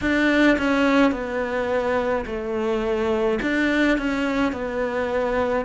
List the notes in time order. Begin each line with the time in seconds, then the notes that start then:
0.01 D4
0.58 C#4
1.11 B3
2.26 A3
3.42 D4
3.98 C#4
4.52 B3